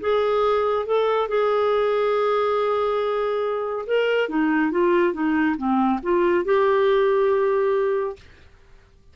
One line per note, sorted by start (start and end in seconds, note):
0.00 0.86 G#4
0.86 1.28 A4
1.28 3.85 G#4
3.86 4.28 A#4
4.28 4.71 D#4
4.71 5.13 F4
5.13 5.56 D#4
5.57 6.00 C4
6.03 6.44 F4
6.44 8.16 G4